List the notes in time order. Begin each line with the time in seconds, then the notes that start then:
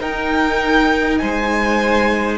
0.00 D#4 A#4 G5
1.18 G#3 C5 G#5